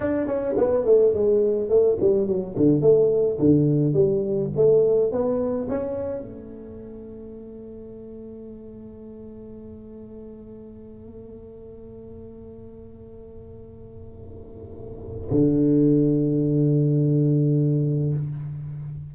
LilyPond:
\new Staff \with { instrumentName = "tuba" } { \time 4/4 \tempo 4 = 106 d'8 cis'8 b8 a8 gis4 a8 g8 | fis8 d8 a4 d4 g4 | a4 b4 cis'4 a4~ | a1~ |
a1~ | a1~ | a2. d4~ | d1 | }